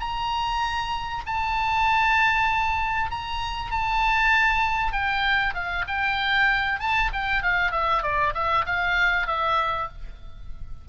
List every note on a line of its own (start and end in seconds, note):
0.00 1.24 A#5
1.27 3.11 A5
3.11 3.71 A#5
3.71 4.92 A5
4.92 5.54 G5
5.54 5.85 F5
5.88 6.80 G5
6.80 7.11 A5
7.14 7.43 G5
7.43 7.72 F5
7.72 8.03 E5
8.03 8.34 D5
8.35 8.66 E5
8.66 9.27 F5
9.27 9.89 E5